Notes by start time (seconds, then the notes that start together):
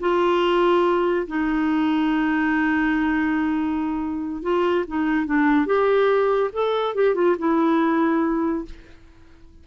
0.00 F4
1.27 D#4
4.42 F4
4.87 D#4
5.26 D4
5.66 G4
6.52 A4
6.94 G4
7.15 F4
7.38 E4